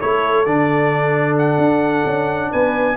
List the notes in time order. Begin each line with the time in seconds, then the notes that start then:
0.00 A3 E4 A4 C#5
0.45 D3 D4 D5
1.38 F#5
1.58 D4
2.05 C#4
2.51 B3 B4 G#5